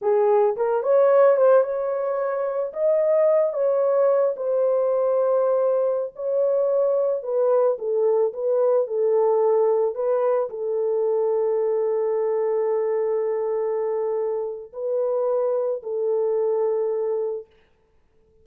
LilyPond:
\new Staff \with { instrumentName = "horn" } { \time 4/4 \tempo 4 = 110 gis'4 ais'8 cis''4 c''8 cis''4~ | cis''4 dis''4. cis''4. | c''2.~ c''16 cis''8.~ | cis''4~ cis''16 b'4 a'4 b'8.~ |
b'16 a'2 b'4 a'8.~ | a'1~ | a'2. b'4~ | b'4 a'2. | }